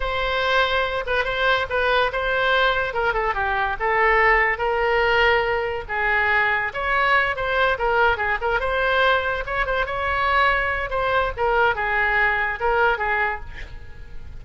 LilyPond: \new Staff \with { instrumentName = "oboe" } { \time 4/4 \tempo 4 = 143 c''2~ c''8 b'8 c''4 | b'4 c''2 ais'8 a'8 | g'4 a'2 ais'4~ | ais'2 gis'2 |
cis''4. c''4 ais'4 gis'8 | ais'8 c''2 cis''8 c''8 cis''8~ | cis''2 c''4 ais'4 | gis'2 ais'4 gis'4 | }